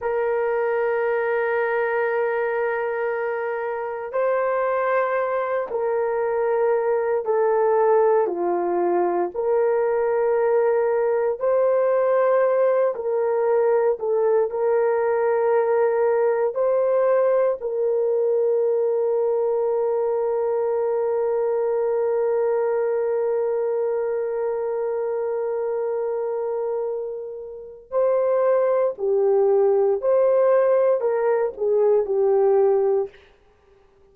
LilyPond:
\new Staff \with { instrumentName = "horn" } { \time 4/4 \tempo 4 = 58 ais'1 | c''4. ais'4. a'4 | f'4 ais'2 c''4~ | c''8 ais'4 a'8 ais'2 |
c''4 ais'2.~ | ais'1~ | ais'2. c''4 | g'4 c''4 ais'8 gis'8 g'4 | }